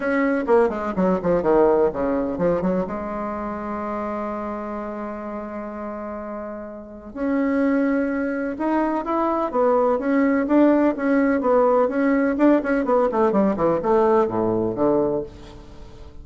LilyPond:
\new Staff \with { instrumentName = "bassoon" } { \time 4/4 \tempo 4 = 126 cis'4 ais8 gis8 fis8 f8 dis4 | cis4 f8 fis8 gis2~ | gis1~ | gis2. cis'4~ |
cis'2 dis'4 e'4 | b4 cis'4 d'4 cis'4 | b4 cis'4 d'8 cis'8 b8 a8 | g8 e8 a4 a,4 d4 | }